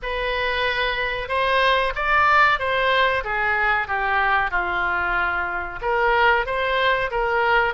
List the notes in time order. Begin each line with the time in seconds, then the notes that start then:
0.02 B4
1.28 C5
1.95 D5
2.59 C5
3.23 G#4
3.87 G4
4.50 F4
5.81 A#4
6.45 C5
7.10 A#4